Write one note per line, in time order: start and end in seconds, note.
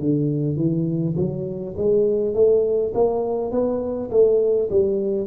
0.00 0.57 D3
0.57 1.16 E3
1.17 1.76 F#3
1.78 2.35 G#3
2.35 2.94 A3
2.95 3.52 A#3
3.52 4.11 B3
4.11 4.70 A3
4.71 5.27 G3